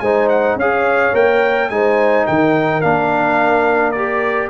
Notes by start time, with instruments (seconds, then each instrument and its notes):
0.00 tuba G#3, trombone D#4, horn C5, trumpet G#5
0.29 trumpet F#5
0.56 tuba C#4, trombone G#4, horn C#5, trumpet F5
1.14 tuba A#3, trombone A#4, trumpet G5
1.70 tuba G#3, trombone D#4, horn C5, trumpet G#5
2.27 tuba D#3, horn A#4, trumpet G5
2.82 tuba A#3, trombone D4, trumpet F5
3.92 trombone G4, trumpet D5